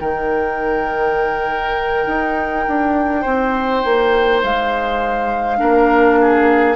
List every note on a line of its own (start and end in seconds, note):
0.00 2.06 D#3
0.00 5.57 D#4
0.00 3.21 A#4
0.00 4.41 G5
2.06 2.65 D#4
2.68 3.25 D4
3.21 3.84 C4
3.21 5.57 C5
3.84 4.43 A#3
4.43 5.60 G#3
4.43 6.76 F5
5.57 6.76 A#3
5.57 6.74 D4
5.57 6.18 A#4
6.21 6.76 G#4